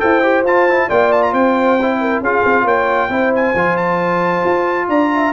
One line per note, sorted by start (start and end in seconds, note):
0.00 0.44 E4
0.00 0.22 A4
0.00 0.89 C5
0.00 0.44 G5
0.23 0.45 G4
0.44 0.88 F4
0.44 0.70 F4
0.44 0.90 A5
0.70 0.90 E4
0.89 1.33 A#3
0.89 1.79 F4
0.89 1.32 D5
0.89 1.12 G5
1.12 1.23 A5
1.23 1.34 A#5
1.32 2.21 C4
1.32 1.98 C5
1.32 2.23 G5
1.82 2.25 E4
2.01 2.22 A#4
2.21 2.43 C#4
2.21 3.10 F4
2.21 2.64 G#4
2.21 2.68 F5
2.45 2.65 C4
2.64 3.09 A#3
2.64 3.09 C#5
2.64 3.34 G5
3.09 3.54 C4
3.09 3.55 E4
3.09 4.88 C5
3.35 3.77 G#5
3.55 4.44 F3
3.55 5.33 F4
3.77 4.88 A5
4.45 4.89 F4
4.89 5.33 D4
4.89 5.12 D5
4.89 5.33 A#5
5.15 5.33 E5